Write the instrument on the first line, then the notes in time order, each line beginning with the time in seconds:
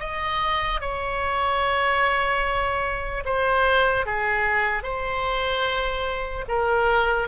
oboe
0.00 D#5
0.81 C#5
3.25 C5
4.06 G#4
4.84 C5
6.49 A#4